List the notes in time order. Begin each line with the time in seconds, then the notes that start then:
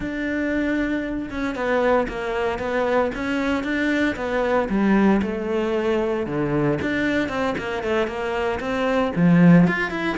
0.00 D4
1.30 C#4
1.55 B3
2.08 A#3
2.58 B3
3.14 C#4
3.63 D4
4.16 B3
4.69 G3
5.22 A3
6.26 D3
6.81 D4
7.29 C4
7.58 A#3
7.83 A3
8.07 A#3
8.60 C4
9.15 F3
9.67 F4
9.90 E4